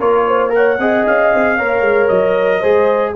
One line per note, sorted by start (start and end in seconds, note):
0.00 0.79 A#3
0.00 0.50 F4
0.00 0.26 A#4
0.00 0.53 C#5
0.28 0.54 C5
0.50 0.76 A#4
0.50 1.07 F#5
0.56 0.81 C#5
0.79 1.05 C4
0.79 1.59 G#4
0.79 1.58 D#5
1.07 1.33 C#4
1.07 2.08 F5
1.34 1.59 C4
1.58 1.82 A#3
1.58 2.63 A#4
1.58 2.60 C#5
1.82 2.08 G#3
2.08 2.63 F#3
2.08 3.14 D#5
2.60 3.16 G#3
2.60 3.15 G#4
2.60 3.13 C5